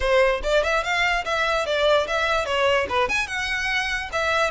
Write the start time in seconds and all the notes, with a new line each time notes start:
0.00 C5
0.43 D5
0.63 E5
0.83 F5
1.24 E5
1.66 D5
2.07 E5
2.45 C#5
2.89 B4
3.08 G#5
3.27 F#5
4.12 E5